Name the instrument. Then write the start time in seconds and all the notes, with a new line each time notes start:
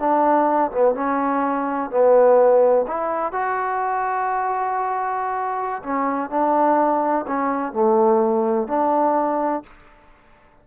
trombone
0.00 D4
0.72 B3
0.95 C#4
1.91 B3
2.88 E4
3.33 F#4
5.84 C#4
6.31 D4
7.27 C#4
7.73 A3
8.68 D4